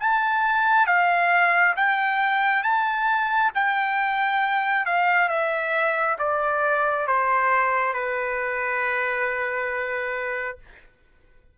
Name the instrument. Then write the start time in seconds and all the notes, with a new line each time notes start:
trumpet
0.00 A5
0.87 F5
1.76 G5
2.63 A5
3.55 G5
4.86 F5
5.29 E5
6.19 D5
7.07 C5
7.94 B4